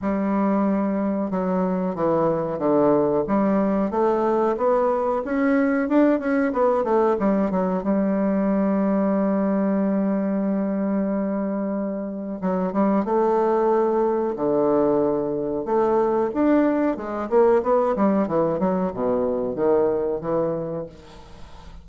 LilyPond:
\new Staff \with { instrumentName = "bassoon" } { \time 4/4 \tempo 4 = 92 g2 fis4 e4 | d4 g4 a4 b4 | cis'4 d'8 cis'8 b8 a8 g8 fis8 | g1~ |
g2. fis8 g8 | a2 d2 | a4 d'4 gis8 ais8 b8 g8 | e8 fis8 b,4 dis4 e4 | }